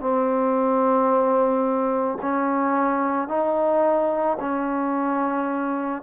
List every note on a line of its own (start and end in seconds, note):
0.00 2.18 C4
2.22 3.28 C#4
3.28 4.37 D#4
4.40 6.02 C#4